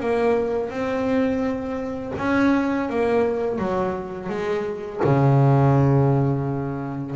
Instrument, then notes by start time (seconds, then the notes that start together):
double bass
0.00 A#3
0.70 C4
2.18 C#4
2.90 A#3
3.58 F#3
4.29 G#3
5.04 C#3